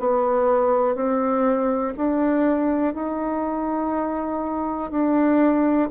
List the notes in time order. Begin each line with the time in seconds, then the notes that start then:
0.00 B3
0.96 C4
1.98 D4
2.95 D#4
4.91 D4